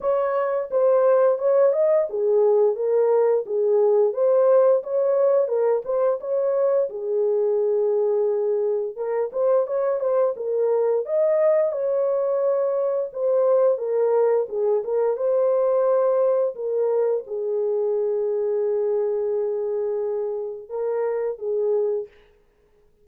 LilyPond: \new Staff \with { instrumentName = "horn" } { \time 4/4 \tempo 4 = 87 cis''4 c''4 cis''8 dis''8 gis'4 | ais'4 gis'4 c''4 cis''4 | ais'8 c''8 cis''4 gis'2~ | gis'4 ais'8 c''8 cis''8 c''8 ais'4 |
dis''4 cis''2 c''4 | ais'4 gis'8 ais'8 c''2 | ais'4 gis'2.~ | gis'2 ais'4 gis'4 | }